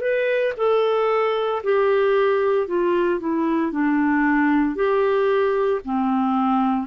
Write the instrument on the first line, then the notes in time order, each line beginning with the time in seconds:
clarinet
0.00 B4
0.56 A4
1.63 G4
2.67 F4
3.19 E4
3.72 D4
4.75 G4
5.84 C4